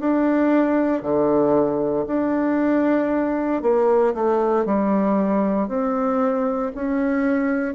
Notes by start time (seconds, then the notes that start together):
0.00 D4
1.03 D3
2.07 D4
3.63 A#3
4.15 A3
4.66 G3
5.69 C4
6.76 C#4